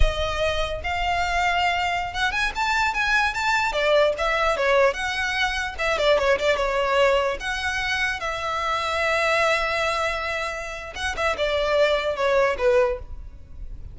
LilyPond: \new Staff \with { instrumentName = "violin" } { \time 4/4 \tempo 4 = 148 dis''2 f''2~ | f''4~ f''16 fis''8 gis''8 a''4 gis''8.~ | gis''16 a''4 d''4 e''4 cis''8.~ | cis''16 fis''2 e''8 d''8 cis''8 d''16~ |
d''16 cis''2 fis''4.~ fis''16~ | fis''16 e''2.~ e''8.~ | e''2. fis''8 e''8 | d''2 cis''4 b'4 | }